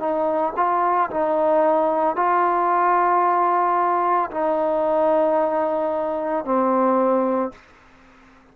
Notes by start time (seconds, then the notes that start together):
0.00 D#4
0.57 F4
1.11 D#4
2.17 F4
4.31 D#4
6.45 C4